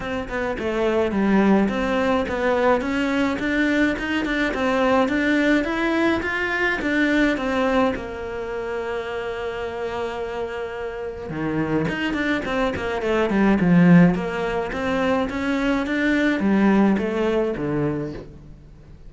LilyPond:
\new Staff \with { instrumentName = "cello" } { \time 4/4 \tempo 4 = 106 c'8 b8 a4 g4 c'4 | b4 cis'4 d'4 dis'8 d'8 | c'4 d'4 e'4 f'4 | d'4 c'4 ais2~ |
ais1 | dis4 dis'8 d'8 c'8 ais8 a8 g8 | f4 ais4 c'4 cis'4 | d'4 g4 a4 d4 | }